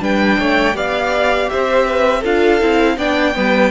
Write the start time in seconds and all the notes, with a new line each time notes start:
0.00 G3 D4 B4 G5
0.39 A3 C#5
0.74 B3 G4 D5 F5
1.50 C4 C5 E5
1.87 B4
2.20 D4 F4 A4 F5
2.61 C4 E4
2.98 B3 D4 D5 G5
3.34 G3 B3 B4